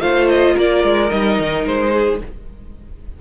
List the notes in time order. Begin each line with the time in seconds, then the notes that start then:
0.00 A3 F4 C5 F5
0.28 D#5
0.54 A#3 A#4 D5
0.83 G#3
1.09 G3 D#4 D#5
1.39 D#3
1.66 G#3 C5
1.93 G#4